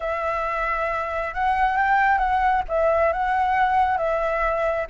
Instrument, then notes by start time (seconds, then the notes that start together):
flute
0.00 E5
1.33 F#5
1.77 G5
2.18 F#5
2.68 E5
3.12 F#5
3.97 E5